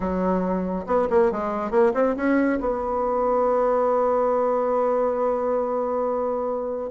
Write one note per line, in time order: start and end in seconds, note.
0.00 0.85 F#3
0.86 1.08 B3
1.09 1.31 A#3
1.31 1.71 G#3
1.71 1.92 A#3
1.94 2.15 C4
2.16 2.59 C#4
2.60 6.90 B3